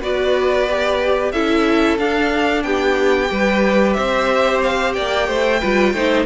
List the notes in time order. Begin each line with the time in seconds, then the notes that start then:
0.00 B3 F#4 B4 D5
0.69 G4
1.32 C#4 E4 A4 E5
1.98 D4 F5
2.63 B3 G4 G5
3.27 G3 G4 B4
3.93 C4 C5 E5
4.64 F5
4.93 A#3 D5 G5
5.27 A3 C5
5.60 G3 F4 B4
5.93 A3 D#4 C5